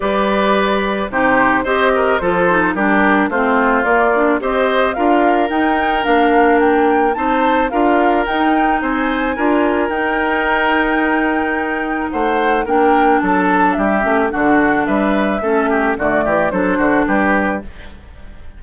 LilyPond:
<<
  \new Staff \with { instrumentName = "flute" } { \time 4/4 \tempo 4 = 109 d''2 c''4 dis''4 | c''4 ais'4 c''4 d''4 | dis''4 f''4 g''4 f''4 | g''4 a''4 f''4 g''4 |
gis''2 g''2~ | g''2 fis''4 g''4 | a''4 e''4 fis''4 e''4~ | e''4 d''4 c''4 b'4 | }
  \new Staff \with { instrumentName = "oboe" } { \time 4/4 b'2 g'4 c''8 ais'8 | a'4 g'4 f'2 | c''4 ais'2.~ | ais'4 c''4 ais'2 |
c''4 ais'2.~ | ais'2 c''4 ais'4 | a'4 g'4 fis'4 b'4 | a'8 g'8 fis'8 g'8 a'8 fis'8 g'4 | }
  \new Staff \with { instrumentName = "clarinet" } { \time 4/4 g'2 dis'4 g'4 | f'8 dis'8 d'4 c'4 ais8 d'8 | g'4 f'4 dis'4 d'4~ | d'4 dis'4 f'4 dis'4~ |
dis'4 f'4 dis'2~ | dis'2. d'4~ | d'4. cis'8 d'2 | cis'4 a4 d'2 | }
  \new Staff \with { instrumentName = "bassoon" } { \time 4/4 g2 c4 c'4 | f4 g4 a4 ais4 | c'4 d'4 dis'4 ais4~ | ais4 c'4 d'4 dis'4 |
c'4 d'4 dis'2~ | dis'2 a4 ais4 | fis4 g8 a8 d4 g4 | a4 d8 e8 fis8 d8 g4 | }
>>